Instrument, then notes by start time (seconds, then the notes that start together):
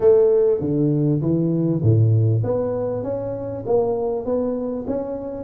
tuba
0.00 A3
0.60 D3
1.21 E3
1.82 A2
2.43 B3
3.03 C#4
3.66 A#3
4.25 B3
4.87 C#4